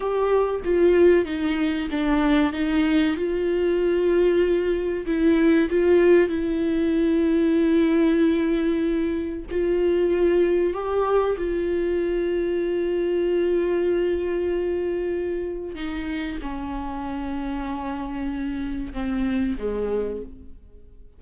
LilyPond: \new Staff \with { instrumentName = "viola" } { \time 4/4 \tempo 4 = 95 g'4 f'4 dis'4 d'4 | dis'4 f'2. | e'4 f'4 e'2~ | e'2. f'4~ |
f'4 g'4 f'2~ | f'1~ | f'4 dis'4 cis'2~ | cis'2 c'4 gis4 | }